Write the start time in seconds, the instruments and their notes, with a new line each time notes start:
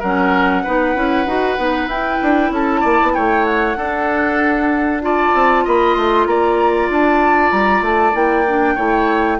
0.00 bassoon F#3, clarinet C#4, oboe A#4, flute F#5
0.64 bassoon B3, clarinet D#4, oboe B4
0.95 bassoon C#4, clarinet E4
1.26 bassoon D#4, clarinet F#4
1.58 bassoon B3, clarinet D#4
1.87 bassoon E4, clarinet E4, flute G5
2.22 bassoon D4
2.51 bassoon C#4, oboe A4, flute A5
2.81 bassoon A#3, oboe D5
3.03 bassoon B3
3.14 bassoon A3, oboe C#5, flute G5
3.45 flute F#5
3.76 bassoon D4, clarinet D4, oboe A4
5.02 clarinet F4, oboe D5, flute A5
5.34 bassoon C4
5.65 bassoon A#3, oboe D#5, flute B5
5.94 bassoon A3, flute C6
6.26 bassoon A#3, oboe D5, flute A#5
6.90 bassoon D4, flute A5
7.52 bassoon G3, flute A#5
7.81 bassoon A3, flute A5
8.13 bassoon A#3, clarinet E4, flute G5
8.48 clarinet D4
8.75 bassoon A3, clarinet E4, oboe C#5